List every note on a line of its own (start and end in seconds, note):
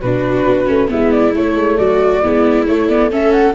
0.00 0.46 B2
0.00 0.66 D4
0.00 0.88 F#4
0.00 0.89 B4
0.47 0.67 B3
0.66 0.89 A3
0.66 0.88 C#4
0.88 1.35 G#3
0.88 1.32 B3
0.88 1.78 E4
0.88 1.11 E5
1.11 1.33 D5
1.34 2.22 A3
1.34 1.54 A3
1.34 1.77 C#5
1.54 1.76 G#3
1.77 2.23 F#3
1.77 2.22 F#4
1.77 2.65 D5
2.22 2.66 G#3
2.22 2.67 B3
2.22 3.10 E4
2.66 3.54 A3
2.66 2.89 A3
2.66 2.88 C#5
2.88 3.10 B3
2.88 3.10 D5
3.10 3.54 C#4
3.10 3.54 A4
3.10 3.31 E5
3.31 3.53 F#5